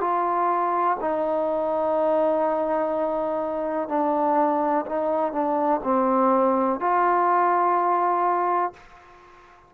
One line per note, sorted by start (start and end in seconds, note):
0.00 0.97 F4
1.00 3.88 D#4
3.88 4.85 D4
4.86 5.32 D#4
5.32 5.80 D4
5.83 6.79 C4
6.79 8.73 F4